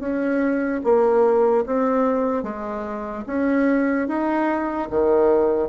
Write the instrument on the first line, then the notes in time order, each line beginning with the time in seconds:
bassoon
0.00 C#4
0.84 A#3
1.66 C4
2.43 G#3
3.27 C#4
4.08 D#4
4.90 D#3